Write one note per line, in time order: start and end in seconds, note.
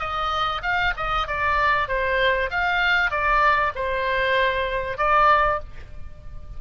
0.00 0.62 D#5
0.63 0.94 F5
0.97 1.28 D#5
1.28 1.88 D5
1.88 2.50 C5
2.51 3.11 F5
3.11 3.73 D5
3.76 4.98 C5
4.98 5.60 D5